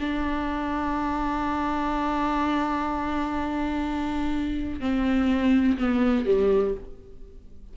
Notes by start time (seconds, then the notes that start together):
0.00 D4
4.81 C4
5.78 B3
6.26 G3